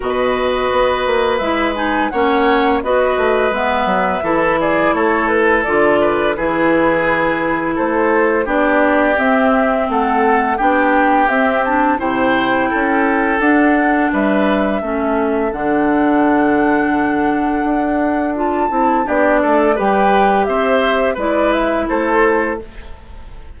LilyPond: <<
  \new Staff \with { instrumentName = "flute" } { \time 4/4 \tempo 4 = 85 dis''2 e''8 gis''8 fis''4 | dis''4 e''4. d''8 cis''8 b'8 | d''4 b'2 c''4 | d''4 e''4 fis''4 g''4 |
e''8 a''8 g''2 fis''4 | e''2 fis''2~ | fis''2 a''4 d''4 | g''4 e''4 d''8 e''8 c''4 | }
  \new Staff \with { instrumentName = "oboe" } { \time 4/4 b'2. cis''4 | b'2 a'8 gis'8 a'4~ | a'8 b'8 gis'2 a'4 | g'2 a'4 g'4~ |
g'4 c''4 a'2 | b'4 a'2.~ | a'2. g'8 a'8 | b'4 c''4 b'4 a'4 | }
  \new Staff \with { instrumentName = "clarinet" } { \time 4/4 fis'2 e'8 dis'8 cis'4 | fis'4 b4 e'2 | f'4 e'2. | d'4 c'2 d'4 |
c'8 d'8 e'2 d'4~ | d'4 cis'4 d'2~ | d'2 f'8 e'8 d'4 | g'2 e'2 | }
  \new Staff \with { instrumentName = "bassoon" } { \time 4/4 b,4 b8 ais8 gis4 ais4 | b8 a8 gis8 fis8 e4 a4 | d4 e2 a4 | b4 c'4 a4 b4 |
c'4 c4 cis'4 d'4 | g4 a4 d2~ | d4 d'4. c'8 b8 a8 | g4 c'4 gis4 a4 | }
>>